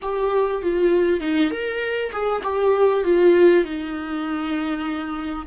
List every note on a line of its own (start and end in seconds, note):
0.02 0.62 G4
0.62 1.20 F4
1.20 1.50 D#4
1.50 2.11 A#4
2.12 2.42 G#4
2.43 3.03 G4
3.04 3.64 F4
3.64 5.46 D#4